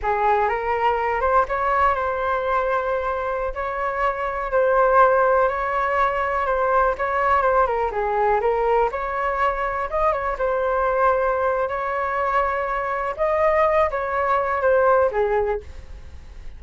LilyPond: \new Staff \with { instrumentName = "flute" } { \time 4/4 \tempo 4 = 123 gis'4 ais'4. c''8 cis''4 | c''2.~ c''16 cis''8.~ | cis''4~ cis''16 c''2 cis''8.~ | cis''4~ cis''16 c''4 cis''4 c''8 ais'16~ |
ais'16 gis'4 ais'4 cis''4.~ cis''16~ | cis''16 dis''8 cis''8 c''2~ c''8. | cis''2. dis''4~ | dis''8 cis''4. c''4 gis'4 | }